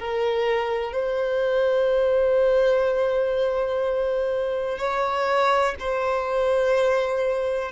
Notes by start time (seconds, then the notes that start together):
0.00 A#4
0.93 C5
4.79 C#5
5.80 C5